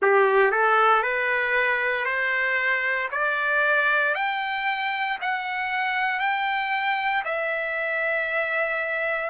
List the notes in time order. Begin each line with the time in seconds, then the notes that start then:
0.01 G4
0.51 A4
1.03 B4
2.05 C5
3.11 D5
4.14 G5
5.21 F#5
6.19 G5
7.25 E5